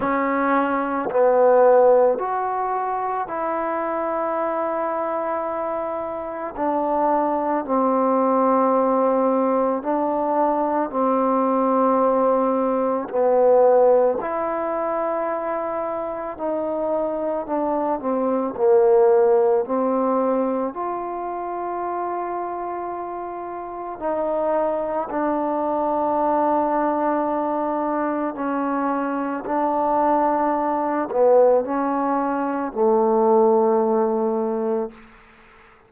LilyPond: \new Staff \with { instrumentName = "trombone" } { \time 4/4 \tempo 4 = 55 cis'4 b4 fis'4 e'4~ | e'2 d'4 c'4~ | c'4 d'4 c'2 | b4 e'2 dis'4 |
d'8 c'8 ais4 c'4 f'4~ | f'2 dis'4 d'4~ | d'2 cis'4 d'4~ | d'8 b8 cis'4 a2 | }